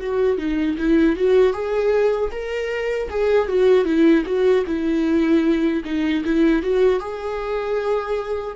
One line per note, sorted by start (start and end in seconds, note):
0.00 0.38 F#4
0.38 0.77 D#4
0.78 1.16 E4
1.16 1.53 F#4
1.53 2.31 G#4
2.31 3.09 A#4
3.10 3.48 G#4
3.48 3.85 F#4
3.85 4.24 E4
4.25 4.64 F#4
4.66 5.83 E4
5.85 6.24 D#4
6.24 6.62 E4
6.62 7.00 F#4
7.00 8.55 G#4